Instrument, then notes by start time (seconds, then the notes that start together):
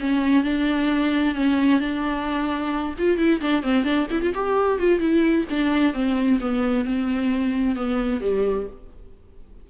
viola
0.00 C#4
0.44 D4
1.35 C#4
1.80 D4
2.98 F4
3.17 E4
3.41 D4
3.63 C4
3.84 D4
4.10 E4
4.22 F4
4.34 G4
4.79 F4
4.99 E4
5.50 D4
5.93 C4
6.40 B3
6.85 C4
7.75 B3
8.21 G3